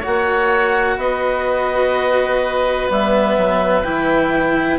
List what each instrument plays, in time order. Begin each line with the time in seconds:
0.00 cello F#4, oboe C#5, clarinet F#5
0.07 bassoon A#3
0.97 bassoon B3, oboe B4, clarinet D#5
2.89 bassoon G3, cello B3, clarinet E5
3.38 bassoon F#3
3.84 bassoon E3, cello E4, clarinet G5